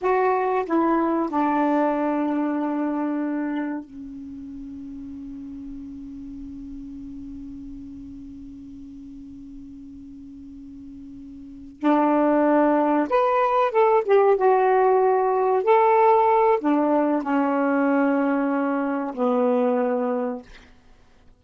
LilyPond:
\new Staff \with { instrumentName = "saxophone" } { \time 4/4 \tempo 4 = 94 fis'4 e'4 d'2~ | d'2 cis'2~ | cis'1~ | cis'1~ |
cis'2~ cis'8 d'4.~ | d'8 b'4 a'8 g'8 fis'4.~ | fis'8 a'4. d'4 cis'4~ | cis'2 b2 | }